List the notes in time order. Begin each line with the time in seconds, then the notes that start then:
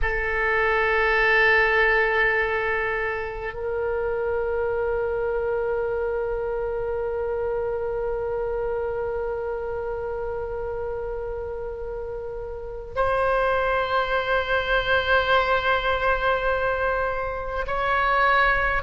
0.02 A4
3.53 A#4
12.95 C5
17.66 C#5